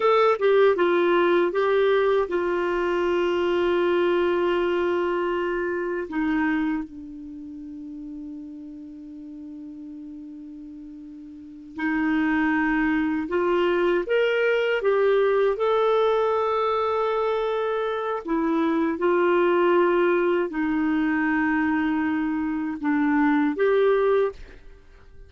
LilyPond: \new Staff \with { instrumentName = "clarinet" } { \time 4/4 \tempo 4 = 79 a'8 g'8 f'4 g'4 f'4~ | f'1 | dis'4 d'2.~ | d'2.~ d'8 dis'8~ |
dis'4. f'4 ais'4 g'8~ | g'8 a'2.~ a'8 | e'4 f'2 dis'4~ | dis'2 d'4 g'4 | }